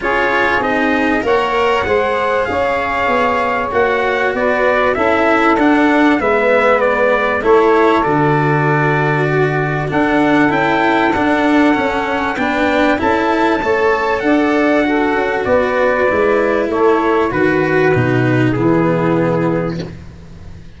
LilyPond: <<
  \new Staff \with { instrumentName = "trumpet" } { \time 4/4 \tempo 4 = 97 cis''4 dis''4 fis''2 | f''2 fis''4 d''4 | e''4 fis''4 e''4 d''4 | cis''4 d''2. |
fis''4 g''4 fis''2 | g''4 a''2 fis''4~ | fis''4 d''2 cis''4 | b'2 gis'2 | }
  \new Staff \with { instrumentName = "saxophone" } { \time 4/4 gis'2 cis''4 c''4 | cis''2. b'4 | a'2 b'2 | a'2. fis'4 |
a'1 | b'4 a'4 cis''4 d''4 | a'4 b'2 a'4 | fis'2 e'2 | }
  \new Staff \with { instrumentName = "cello" } { \time 4/4 f'4 dis'4 ais'4 gis'4~ | gis'2 fis'2 | e'4 d'4 b2 | e'4 fis'2. |
d'4 e'4 d'4 cis'4 | d'4 e'4 a'2 | fis'2 e'2 | fis'4 dis'4 b2 | }
  \new Staff \with { instrumentName = "tuba" } { \time 4/4 cis'4 c'4 ais4 gis4 | cis'4 b4 ais4 b4 | cis'4 d'4 gis2 | a4 d2. |
d'4 cis'4 d'4 cis'4 | b4 cis'4 a4 d'4~ | d'8 cis'8 b4 gis4 a4 | dis4 b,4 e2 | }
>>